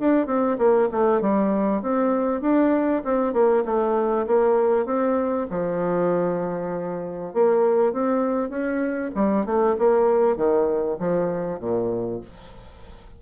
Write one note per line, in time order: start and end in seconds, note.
0.00 0.27 D4
0.27 0.58 C4
0.58 0.89 A#3
0.92 1.22 A3
1.22 1.83 G3
1.83 2.42 C4
2.42 3.03 D4
3.05 3.33 C4
3.33 3.64 A#3
3.66 4.27 A3
4.27 4.86 A#3
4.86 5.47 C4
5.50 7.34 F3
7.34 7.93 A#3
7.93 8.50 C4
8.50 9.11 C#4
9.15 9.46 G3
9.46 9.77 A3
9.79 10.37 A#3
10.37 10.98 D#3
11.00 11.60 F3
11.60 12.21 A#2